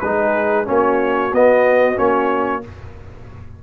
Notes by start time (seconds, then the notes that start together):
0.00 G#3 D#4 G#4 B4
0.65 A#3 C#4 F#4 C#5
1.32 B3 D#5
1.96 A#3 C#4 C#5